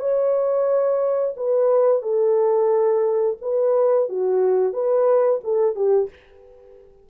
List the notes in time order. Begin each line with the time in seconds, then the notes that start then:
0.00 C#5
1.37 B4
2.02 A4
3.42 B4
4.09 F#4
4.73 B4
5.44 A4
5.76 G4